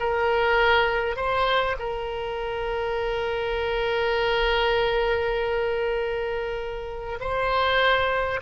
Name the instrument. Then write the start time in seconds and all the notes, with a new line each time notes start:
oboe
0.00 A#4
1.17 C5
1.79 A#4
7.21 C5